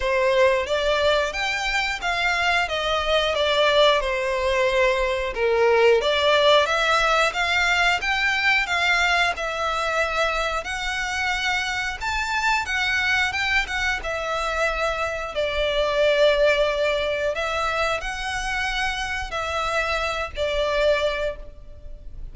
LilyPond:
\new Staff \with { instrumentName = "violin" } { \time 4/4 \tempo 4 = 90 c''4 d''4 g''4 f''4 | dis''4 d''4 c''2 | ais'4 d''4 e''4 f''4 | g''4 f''4 e''2 |
fis''2 a''4 fis''4 | g''8 fis''8 e''2 d''4~ | d''2 e''4 fis''4~ | fis''4 e''4. d''4. | }